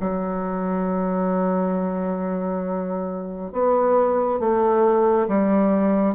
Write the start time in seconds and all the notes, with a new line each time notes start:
0.00 F#3
3.53 B3
4.40 A3
5.28 G3